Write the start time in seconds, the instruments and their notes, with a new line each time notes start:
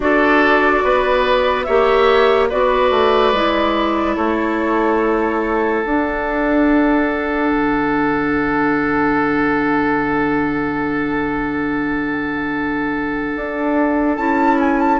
0.00 bassoon D4, clarinet F#4, oboe A4, flute D5
0.83 bassoon B3, oboe B4
1.64 bassoon A#3, clarinet G4, oboe C#5, flute E5
2.49 bassoon B3, clarinet F#4, oboe B4, flute D5
2.90 bassoon A3
3.32 bassoon G#3, clarinet E4
4.16 bassoon A3, oboe A4, flute C#5
5.83 bassoon D4, clarinet D4, flute F#5
7.51 bassoon D3
13.35 bassoon D4
14.16 bassoon C#4, clarinet E4, flute A5
14.59 flute G#5
14.79 flute A5